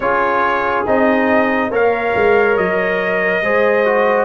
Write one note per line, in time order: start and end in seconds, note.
0.00 0.84 C#4
0.00 0.86 F4
0.00 1.70 G#4
0.00 0.85 C#5
0.86 1.71 C4
0.86 1.71 D#4
0.86 1.72 D#5
1.70 2.13 A#3
1.70 3.43 A#4
1.70 3.41 C#5
1.70 2.56 F5
2.15 2.57 G#3
2.56 3.42 F#3
2.56 4.24 D#5
3.42 4.24 G#3
3.42 3.85 G#4
3.42 4.24 C5
3.85 4.24 F#4